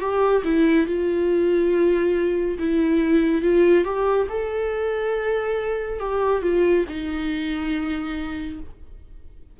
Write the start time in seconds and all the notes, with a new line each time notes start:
0.00 G4
0.44 E4
0.86 F4
2.59 E4
3.42 F4
3.84 G4
4.29 A4
6.00 G4
6.42 F4
6.88 D#4